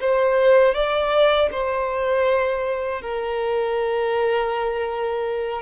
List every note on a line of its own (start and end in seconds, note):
0.00 0.74 C5
0.74 1.49 D5
1.51 3.01 C5
3.01 5.61 A#4